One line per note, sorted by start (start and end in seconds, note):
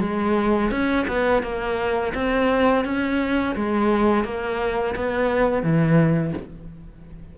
0.00 0.71 G#3
0.71 1.06 C#4
1.07 1.43 B3
1.43 2.13 A#3
2.14 2.85 C4
2.85 3.55 C#4
3.56 4.24 G#3
4.24 4.95 A#3
4.96 5.63 B3
5.63 6.33 E3